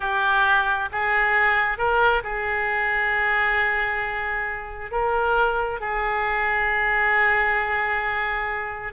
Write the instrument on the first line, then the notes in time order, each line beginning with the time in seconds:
oboe
0.00 G4
0.92 G#4
1.78 A#4
2.23 G#4
4.91 A#4
5.80 G#4